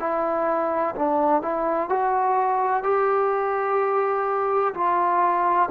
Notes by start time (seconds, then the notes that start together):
0.00 E4
0.96 D4
1.42 E4
1.90 F#4
2.84 G4
4.74 F4